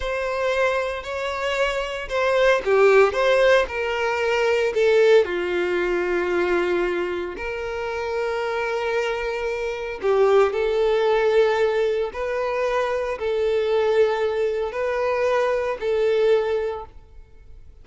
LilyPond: \new Staff \with { instrumentName = "violin" } { \time 4/4 \tempo 4 = 114 c''2 cis''2 | c''4 g'4 c''4 ais'4~ | ais'4 a'4 f'2~ | f'2 ais'2~ |
ais'2. g'4 | a'2. b'4~ | b'4 a'2. | b'2 a'2 | }